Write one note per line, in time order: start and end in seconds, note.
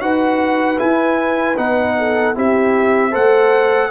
0.00 0.78 D#4
0.00 0.77 F#4
0.00 1.97 B4
0.00 0.78 F#5
0.77 1.55 E4
0.77 1.57 E4
0.77 1.56 G#5
1.56 2.35 B3
1.56 2.34 D#4
1.56 2.35 F#5
1.98 2.36 A4
2.34 3.14 C4
2.34 3.11 E4
2.34 3.10 G4
2.34 3.14 E5
3.10 3.91 A3
3.10 3.89 A4
3.10 3.88 C5
3.10 3.91 F#5